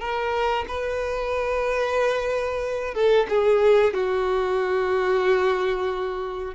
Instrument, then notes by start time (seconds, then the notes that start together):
violin
0.00 A#4
0.68 B4
2.94 A4
3.29 G#4
3.94 F#4